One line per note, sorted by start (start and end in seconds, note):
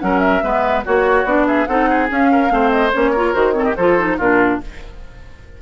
0.00 0.43 F#3
0.00 0.42 C#4
0.00 0.44 A#4
0.00 0.19 F#5
0.19 0.82 E5
0.43 0.84 G#3
0.43 0.85 B3
0.43 0.85 B4
0.85 1.24 A#3
0.85 1.26 F#4
0.85 1.47 F#4
0.85 1.26 C#5
1.24 1.66 B3
1.24 1.68 D4
1.24 1.47 D5
1.47 1.68 G#4
1.47 1.66 E5
1.66 2.10 C4
1.66 2.09 D#4
1.66 1.89 A4
1.66 2.08 F#5
1.89 2.31 G#4
2.09 2.49 C#4
2.09 2.51 C#4
2.09 2.71 F5
2.32 2.53 A#4
2.49 2.92 A3
2.49 2.90 C4
2.49 3.11 C5
2.71 2.92 D#5
2.93 3.35 A#3
2.93 3.14 C#4
2.93 3.34 C#5
3.11 3.34 F4
3.11 3.53 A#4
3.34 3.76 D#3
3.34 3.53 F#4
3.34 3.54 C5
3.53 3.74 C4
3.53 3.65 A4
3.53 3.64 C#5
3.64 3.75 G4
3.64 3.74 D#5
3.76 4.19 F3
3.76 3.98 F4
3.76 4.17 A4
3.76 4.18 C5
3.98 4.19 D#4
4.17 4.60 A#2
4.17 4.62 D4
4.17 4.59 F4
4.17 4.61 A#4